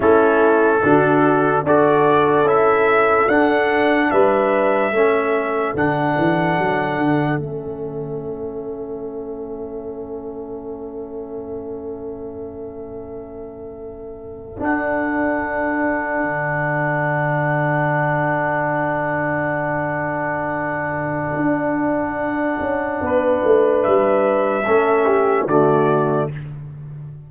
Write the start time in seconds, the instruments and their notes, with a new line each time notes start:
0.00 tuba A3, trombone C#4, horn E4, trumpet A4
0.82 tuba D3, trombone D4, horn F#4
1.63 tuba D4, trombone F#4, horn A4, trumpet D5
2.43 tuba C#4, trombone E4, trumpet E5
3.28 tuba D4, trombone D4, trumpet F#5
4.10 tuba G3, horn B4, trumpet E5
4.91 tuba A3, trombone C#4, horn A4
5.74 tuba D3, trombone D4, trumpet F#5
6.17 tuba E3
6.58 tuba F#3
6.97 tuba D3
7.37 tuba A3, trombone C#4, trumpet E5
14.56 trombone D4, tuba D4
14.63 trumpet F#5
16.22 tuba D3
21.35 tuba D4
22.59 tuba C#4
23.01 tuba B3, horn B4
23.44 tuba A3
23.82 tuba G3, trumpet E5
24.66 tuba A3, trombone C#4, horn A4
25.06 horn G4
25.46 tuba D3, trombone A3, horn F#4, trumpet D5